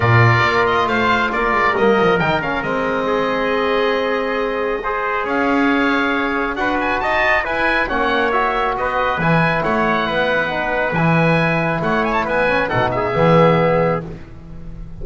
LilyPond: <<
  \new Staff \with { instrumentName = "oboe" } { \time 4/4 \tempo 4 = 137 d''4. dis''8 f''4 d''4 | dis''4 g''8 f''8 dis''2~ | dis''1 | f''2. fis''8 gis''8 |
a''4 gis''4 fis''4 e''4 | dis''4 gis''4 fis''2~ | fis''4 gis''2 fis''8 gis''16 a''16 | gis''4 fis''8 e''2~ e''8 | }
  \new Staff \with { instrumentName = "trumpet" } { \time 4/4 ais'2 c''4 ais'4~ | ais'2. gis'4~ | gis'2. c''4 | cis''2. b'4 |
dis''4 b'4 cis''2 | b'2 cis''4 b'4~ | b'2. cis''4 | b'4 a'8 gis'2~ gis'8 | }
  \new Staff \with { instrumentName = "trombone" } { \time 4/4 f'1 | ais4 dis'8 cis'8 c'2~ | c'2. gis'4~ | gis'2. fis'4~ |
fis'4 e'4 cis'4 fis'4~ | fis'4 e'2. | dis'4 e'2.~ | e'8 cis'8 dis'4 b2 | }
  \new Staff \with { instrumentName = "double bass" } { \time 4/4 ais,4 ais4 a4 ais8 gis8 | g8 f8 dis4 gis2~ | gis1 | cis'2. d'4 |
dis'4 e'4 ais2 | b4 e4 a4 b4~ | b4 e2 a4 | b4 b,4 e2 | }
>>